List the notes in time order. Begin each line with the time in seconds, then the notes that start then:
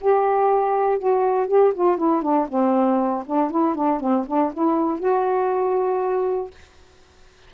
0.00 G4
0.98 F#4
1.47 G4
1.74 F4
1.97 E4
2.22 D4
2.48 C4
3.26 D4
3.50 E4
3.75 D4
4.00 C4
4.27 D4
4.53 E4
4.99 F#4